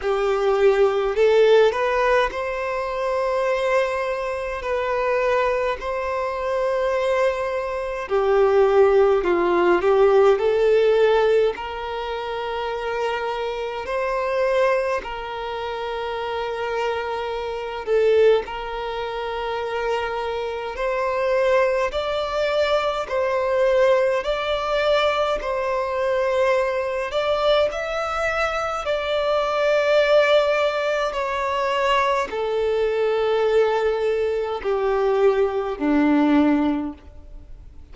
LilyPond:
\new Staff \with { instrumentName = "violin" } { \time 4/4 \tempo 4 = 52 g'4 a'8 b'8 c''2 | b'4 c''2 g'4 | f'8 g'8 a'4 ais'2 | c''4 ais'2~ ais'8 a'8 |
ais'2 c''4 d''4 | c''4 d''4 c''4. d''8 | e''4 d''2 cis''4 | a'2 g'4 d'4 | }